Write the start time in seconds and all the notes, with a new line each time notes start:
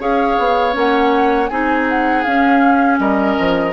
0.00 C#4 G#4 C#5 F5
0.39 B3
0.73 A#3 C#4 F#5
1.49 C4 D#4 G#4 G#5
1.90 F#5
2.23 C#4 F5
3.00 G3 A#4 D#5
3.40 F3